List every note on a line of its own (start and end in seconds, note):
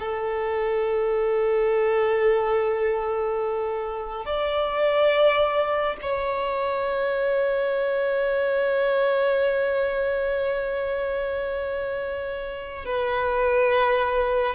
0.00 4.26 A4
4.26 5.97 D5
6.02 12.86 C#5
12.86 14.56 B4